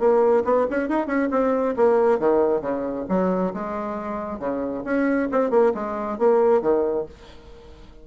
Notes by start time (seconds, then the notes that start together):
0.00 A#3
0.45 B3
0.71 C#4
0.89 D#4
1.07 C#4
1.31 C4
1.77 A#3
2.20 D#3
2.62 C#3
3.09 F#3
3.54 G#3
4.40 C#3
4.85 C#4
5.32 C4
5.51 A#3
5.75 G#3
6.19 A#3
6.62 D#3